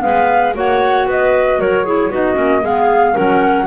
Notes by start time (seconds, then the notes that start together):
0.00 G#3 B3 B4 F5
0.54 A#3 F#4 C#5 F#5
1.07 B3 B4 D#5
1.59 F#3 A#4 C#5
1.85 E4 G#4
2.10 B3 D#4 F#4 D#5
2.34 A#3 C#4
2.63 G#3 B3 G#4 F5
3.12 F#3 C#4 A#4 F#5